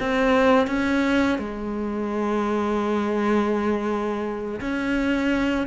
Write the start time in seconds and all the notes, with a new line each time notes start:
0.00 C4
0.67 C#4
1.39 G#3
4.61 C#4